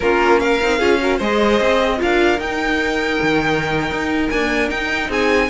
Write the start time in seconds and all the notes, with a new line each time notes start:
0.00 A#3 C#4 F4 A#4
0.39 A#4 F5
0.61 C4 D#4
0.78 C#4 F4 G#4
0.98 F#4 A#4
1.17 G#3 G#4 C5 D#5
1.60 C4
1.98 D4 F4 A#4 F5
2.38 D#4 G5
3.21 D#3
3.91 D#4
4.29 A#3 D4 G#5
4.68 D#4 G5
5.08 C4 G#4 G#5